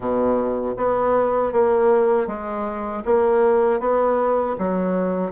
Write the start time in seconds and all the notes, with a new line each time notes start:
0.00 B2
0.76 B3
1.52 A#3
2.27 G#3
3.05 A#3
3.80 B3
4.58 F#3